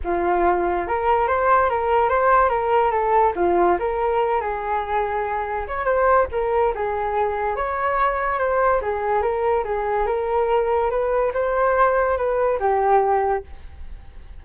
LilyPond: \new Staff \with { instrumentName = "flute" } { \time 4/4 \tempo 4 = 143 f'2 ais'4 c''4 | ais'4 c''4 ais'4 a'4 | f'4 ais'4. gis'4.~ | gis'4. cis''8 c''4 ais'4 |
gis'2 cis''2 | c''4 gis'4 ais'4 gis'4 | ais'2 b'4 c''4~ | c''4 b'4 g'2 | }